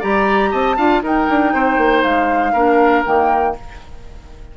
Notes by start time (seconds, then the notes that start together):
0.00 G3 G4 D5 A#5
0.51 C4 D#5 A5
0.77 D4 F4 F5
1.02 D#4 A#4 G5
1.30 D4
1.54 C4 C5
1.78 A#3
2.03 G#3 F5
2.53 A#3 D4 A#4
3.05 D#3 A#3 G5